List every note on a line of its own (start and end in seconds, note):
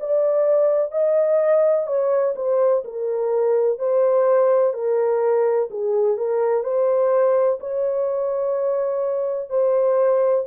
0.00 0.92 D5
0.92 1.87 D#5
1.87 2.35 C#5
2.35 2.83 C5
2.84 3.79 A#4
3.79 4.74 C5
4.74 5.69 A#4
5.71 6.17 G#4
6.17 6.64 A#4
6.64 7.59 C5
7.60 9.50 C#5
9.50 10.45 C5